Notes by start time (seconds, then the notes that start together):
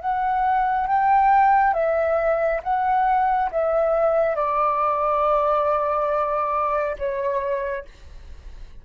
0.00 F#5
0.86 G5
1.74 E5
2.63 F#5
3.51 E5
4.35 D5
6.98 C#5